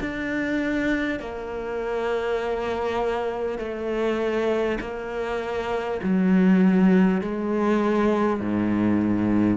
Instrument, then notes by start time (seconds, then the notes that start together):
cello
0.00 D4
1.19 A#3
3.58 A3
4.80 A#3
6.02 F#3
7.21 G#3
8.39 G#2